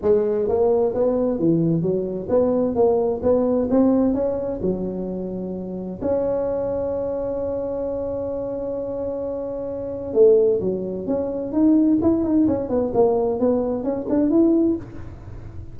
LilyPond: \new Staff \with { instrumentName = "tuba" } { \time 4/4 \tempo 4 = 130 gis4 ais4 b4 e4 | fis4 b4 ais4 b4 | c'4 cis'4 fis2~ | fis4 cis'2.~ |
cis'1~ | cis'2 a4 fis4 | cis'4 dis'4 e'8 dis'8 cis'8 b8 | ais4 b4 cis'8 d'8 e'4 | }